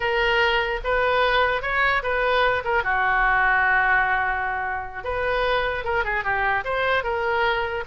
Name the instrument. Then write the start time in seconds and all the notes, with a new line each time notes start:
oboe
0.00 A#4
0.84 B4
1.62 C#5
2.02 B4
2.64 A#4
2.83 F#4
5.03 B4
5.84 A#4
6.04 G#4
6.23 G4
6.64 C5
7.03 A#4